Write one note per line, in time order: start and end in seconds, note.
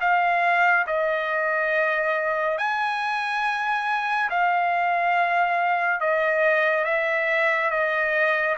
0.00 0.86 F5
0.86 2.58 D#5
2.58 4.29 G#5
4.30 6.00 F5
6.00 6.84 D#5
6.84 7.70 E5
7.70 8.56 D#5